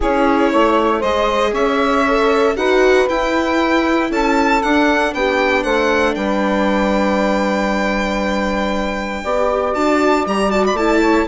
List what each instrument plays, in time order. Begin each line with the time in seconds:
0.00 bassoon C#4, viola E4, saxophone G#4, violin C#5
0.50 bassoon A3, saxophone C#5
0.99 bassoon G#3, viola G#4, saxophone C5, violin D#5
1.52 bassoon C#4, saxophone C#5, violin E5
2.07 viola A4
2.55 bassoon D#4, viola F#4, saxophone B4, violin F#5
3.08 viola E4, bassoon E4, violin G5
4.10 bassoon C#4, saxophone A4, violin A5
4.62 bassoon D4, viola D4, violin F#5
5.13 bassoon B3, saxophone G4, violin G5
5.62 bassoon A3, saxophone C5, violin F#5
6.14 bassoon G3, saxophone B4, violin G5
9.23 bassoon B3, viola G4, saxophone D5
9.73 bassoon D4, viola F#4, violin A5
10.25 bassoon G3, viola G4, violin A#5
10.50 viola F#4, violin A5
10.66 violin B5
10.73 bassoon A3, viola E4, violin A5
11.01 saxophone C#5